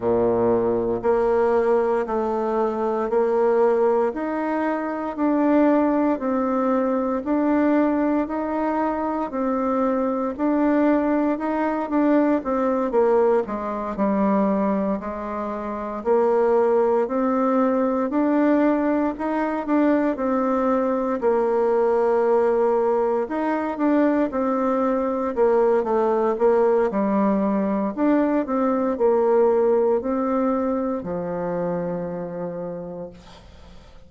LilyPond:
\new Staff \with { instrumentName = "bassoon" } { \time 4/4 \tempo 4 = 58 ais,4 ais4 a4 ais4 | dis'4 d'4 c'4 d'4 | dis'4 c'4 d'4 dis'8 d'8 | c'8 ais8 gis8 g4 gis4 ais8~ |
ais8 c'4 d'4 dis'8 d'8 c'8~ | c'8 ais2 dis'8 d'8 c'8~ | c'8 ais8 a8 ais8 g4 d'8 c'8 | ais4 c'4 f2 | }